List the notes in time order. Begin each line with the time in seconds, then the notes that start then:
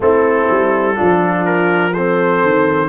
0.00 A3 C4 E4 A4
0.49 G3
0.95 F3 D4 F4
1.45 A#4
1.92 C4 A4 C5
2.43 D#3